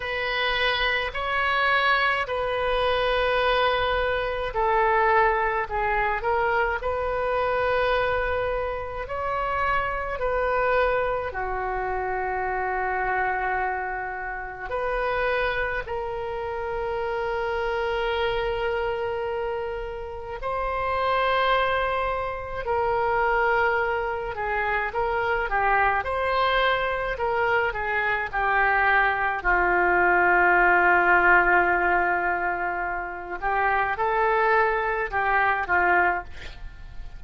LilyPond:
\new Staff \with { instrumentName = "oboe" } { \time 4/4 \tempo 4 = 53 b'4 cis''4 b'2 | a'4 gis'8 ais'8 b'2 | cis''4 b'4 fis'2~ | fis'4 b'4 ais'2~ |
ais'2 c''2 | ais'4. gis'8 ais'8 g'8 c''4 | ais'8 gis'8 g'4 f'2~ | f'4. g'8 a'4 g'8 f'8 | }